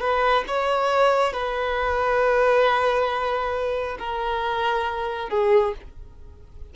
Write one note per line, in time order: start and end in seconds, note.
0.00 0.44 B4
0.47 1.33 C#5
1.33 3.97 B4
3.99 5.29 A#4
5.29 5.74 G#4